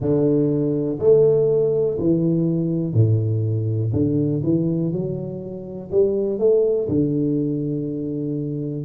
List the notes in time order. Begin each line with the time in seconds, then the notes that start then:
0.00 D3
0.99 A3
1.99 E3
2.93 A2
3.93 D3
4.43 E3
4.92 F#3
5.91 G3
6.38 A3
6.88 D3